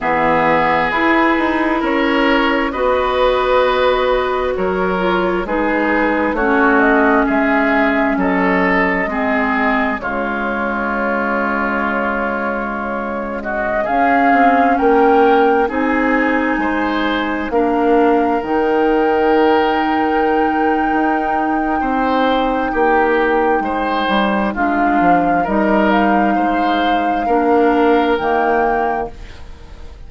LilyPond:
<<
  \new Staff \with { instrumentName = "flute" } { \time 4/4 \tempo 4 = 66 e''4 b'4 cis''4 dis''4~ | dis''4 cis''4 b'4 cis''8 dis''8 | e''4 dis''2 cis''4~ | cis''2~ cis''8. dis''8 f''8.~ |
f''16 g''4 gis''2 f''8.~ | f''16 g''2.~ g''8.~ | g''2. f''4 | dis''8 f''2~ f''8 g''4 | }
  \new Staff \with { instrumentName = "oboe" } { \time 4/4 gis'2 ais'4 b'4~ | b'4 ais'4 gis'4 fis'4 | gis'4 a'4 gis'4 f'4~ | f'2~ f'8. fis'8 gis'8.~ |
gis'16 ais'4 gis'4 c''4 ais'8.~ | ais'1 | c''4 g'4 c''4 f'4 | ais'4 c''4 ais'2 | }
  \new Staff \with { instrumentName = "clarinet" } { \time 4/4 b4 e'2 fis'4~ | fis'4. f'8 dis'4 cis'4~ | cis'2 c'4 gis4~ | gis2.~ gis16 cis'8.~ |
cis'4~ cis'16 dis'2 d'8.~ | d'16 dis'2.~ dis'8.~ | dis'2. d'4 | dis'2 d'4 ais4 | }
  \new Staff \with { instrumentName = "bassoon" } { \time 4/4 e4 e'8 dis'8 cis'4 b4~ | b4 fis4 gis4 a4 | gis4 fis4 gis4 cis4~ | cis2.~ cis16 cis'8 c'16~ |
c'16 ais4 c'4 gis4 ais8.~ | ais16 dis2~ dis8. dis'4 | c'4 ais4 gis8 g8 gis8 f8 | g4 gis4 ais4 dis4 | }
>>